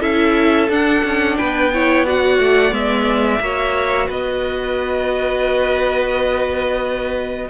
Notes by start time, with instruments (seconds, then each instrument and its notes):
0.00 cello C#4, viola E4, violin A4 E5
0.70 cello D4, viola D4, violin F#5
1.05 cello C#4
1.37 cello B3, violin B4 G5
1.74 viola E4, violin C#5
2.06 viola F#4, violin D5 F#5
2.39 cello A3
2.71 cello G#3, viola B3, violin E5
3.40 cello A#3, viola F#4, violin C#5
4.08 cello B3, violin B4 D#5